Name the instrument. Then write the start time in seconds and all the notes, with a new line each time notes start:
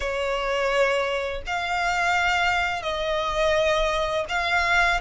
violin
0.00 C#5
1.46 F5
2.82 D#5
4.29 F5